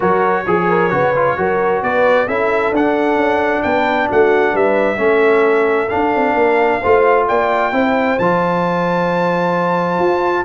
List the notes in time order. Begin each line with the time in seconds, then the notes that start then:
0.00 F#3 F#4 A#4 C#5
0.46 F3 G#4
0.68 A#4
0.90 C#3 F#4 B4
1.16 F4
1.36 F#3 F#4 A#4
1.82 B3 B4 D5
2.27 C#4 E4 A4 E5
2.70 D4 F#5
3.15 C#4
3.62 B3 B4 G5
4.08 A3 F#4 F#5
4.52 G3 B4 E5
4.96 A3 C#4 A4
5.88 D4 F5
6.15 C4
6.33 A#3 A#4
6.79 A3 F4 C5
7.27 A#3 D5 G5
7.72 C4 E4 C5
8.18 F3 F4 A5
9.98 F4